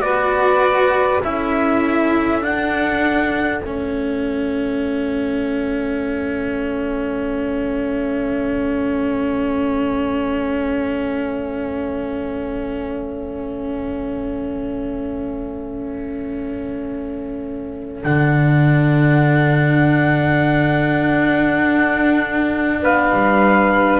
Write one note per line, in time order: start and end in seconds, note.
0.00 1.20 B3
0.00 1.20 F#4
0.00 1.23 B4
0.00 1.21 D5
1.24 2.44 C#4
1.24 2.41 E4
1.24 22.82 A4
1.24 2.44 E5
2.41 3.61 D4
2.41 3.63 D4
2.41 3.62 F#5
3.62 18.03 A3
3.62 18.05 C#4
3.62 18.02 E5
18.04 21.62 D3
18.04 24.00 D4
18.04 22.84 F#5
21.62 22.82 D4
22.82 23.12 B3
22.82 24.00 B4
22.82 24.00 F5
23.13 24.00 G3